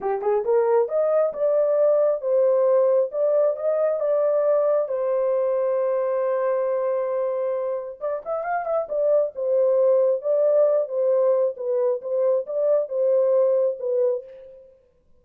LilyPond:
\new Staff \with { instrumentName = "horn" } { \time 4/4 \tempo 4 = 135 g'8 gis'8 ais'4 dis''4 d''4~ | d''4 c''2 d''4 | dis''4 d''2 c''4~ | c''1~ |
c''2 d''8 e''8 f''8 e''8 | d''4 c''2 d''4~ | d''8 c''4. b'4 c''4 | d''4 c''2 b'4 | }